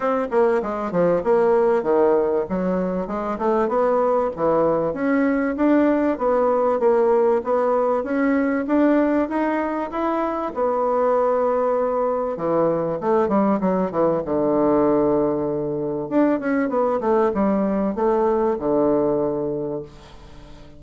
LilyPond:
\new Staff \with { instrumentName = "bassoon" } { \time 4/4 \tempo 4 = 97 c'8 ais8 gis8 f8 ais4 dis4 | fis4 gis8 a8 b4 e4 | cis'4 d'4 b4 ais4 | b4 cis'4 d'4 dis'4 |
e'4 b2. | e4 a8 g8 fis8 e8 d4~ | d2 d'8 cis'8 b8 a8 | g4 a4 d2 | }